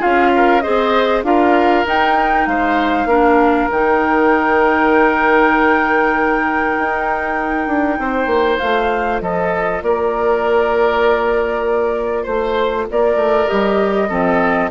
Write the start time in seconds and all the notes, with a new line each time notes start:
0.00 C#4 F4 G#4 F5
0.36 A#4
0.61 G#4 C5 D#5
0.67 C4
1.24 D4 F4 A#4 F5
1.86 D#4 G5
2.47 G#3 C5 F5
3.06 A#3 D4 A#4
3.71 D#3 D#4 G5
6.79 D#4
7.68 D4
7.99 C4 C5
8.27 A#3
8.59 A3 F4 F5
9.21 F3 A4 D#5
9.82 A#3 A#4 D5
12.23 A3 C5
12.91 A#3 A#4 D5
13.16 A3
13.47 G3 G4 D#5
14.09 F3 C4 A4